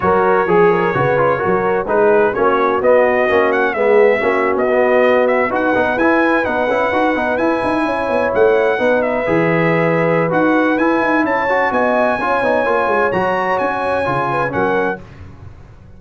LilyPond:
<<
  \new Staff \with { instrumentName = "trumpet" } { \time 4/4 \tempo 4 = 128 cis''1 | b'4 cis''4 dis''4. fis''8 | e''4.~ e''16 dis''4. e''8 fis''16~ | fis''8. gis''4 fis''2 gis''16~ |
gis''4.~ gis''16 fis''4. e''8.~ | e''2 fis''4 gis''4 | a''4 gis''2. | ais''4 gis''2 fis''4 | }
  \new Staff \with { instrumentName = "horn" } { \time 4/4 ais'4 gis'8 ais'8 b'4 ais'4 | gis'4 fis'2. | gis'4 fis'2~ fis'8. b'16~ | b'1~ |
b'8. cis''2 b'4~ b'16~ | b'1 | cis''4 dis''4 cis''2~ | cis''2~ cis''8 b'8 ais'4 | }
  \new Staff \with { instrumentName = "trombone" } { \time 4/4 fis'4 gis'4 fis'8 f'8 fis'4 | dis'4 cis'4 b4 cis'4 | b4 cis'4 b4.~ b16 fis'16~ | fis'16 dis'8 e'4 dis'8 e'8 fis'8 dis'8 e'16~ |
e'2~ e'8. dis'4 gis'16~ | gis'2 fis'4 e'4~ | e'8 fis'4. f'8 dis'8 f'4 | fis'2 f'4 cis'4 | }
  \new Staff \with { instrumentName = "tuba" } { \time 4/4 fis4 f4 cis4 fis4 | gis4 ais4 b4 ais4 | gis4 ais8. b2 dis'16~ | dis'16 b8 e'4 b8 cis'8 dis'8 b8 e'16~ |
e'16 dis'8 cis'8 b8 a4 b4 e16~ | e2 dis'4 e'8 dis'8 | cis'4 b4 cis'8 b8 ais8 gis8 | fis4 cis'4 cis4 fis4 | }
>>